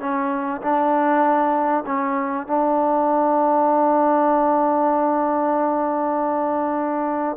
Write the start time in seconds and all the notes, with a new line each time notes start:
0.00 C#4
0.62 D4
1.86 C#4
2.47 D4